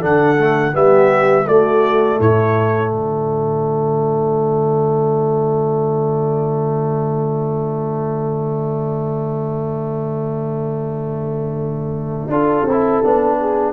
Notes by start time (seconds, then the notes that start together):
0.00 D3 D4 A4 F#5
0.39 A3
0.72 G3 B3 G4 E5
1.46 A3 F#4 D5
2.19 A2 E4 C#5
2.91 D3 F4 D5
12.28 D4 F4 A4
12.64 C4
12.72 E4
13.04 B3 D4
13.40 G#4